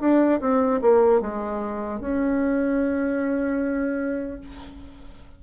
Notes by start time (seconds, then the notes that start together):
0.00 D4
0.41 C4
0.81 A#3
1.21 G#3
2.00 C#4